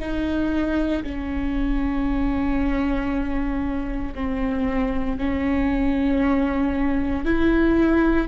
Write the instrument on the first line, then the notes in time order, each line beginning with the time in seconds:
viola
0.00 D#4
1.04 C#4
4.15 C4
5.19 C#4
7.26 E4